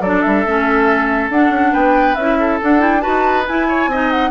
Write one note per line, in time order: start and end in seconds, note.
0.00 0.22 F#3
0.00 0.47 D4
0.00 1.72 A4
0.00 0.22 D5
0.22 0.46 G3
0.22 1.30 E5
0.46 1.30 A3
0.46 1.33 C#4
1.30 1.50 D4
1.30 2.19 D4
1.30 1.74 F#5
1.50 1.72 C#4
1.72 2.16 B3
1.72 2.37 B4
1.72 2.15 G5
2.15 2.60 C#4
2.15 2.62 E4
2.15 2.59 E5
2.40 3.02 A4
2.62 2.79 D4
2.62 3.06 D4
2.62 2.81 F#5
2.79 3.01 E4
2.79 3.01 G5
3.01 3.49 D#4
3.01 3.45 F#4
3.01 3.67 B4
3.01 3.45 A5
3.47 3.87 E4
3.47 3.92 E4
3.47 4.11 G#5
3.69 3.90 C#5
3.87 4.30 C4
3.87 4.31 D#4
3.87 4.31 D#5
4.11 4.31 F#5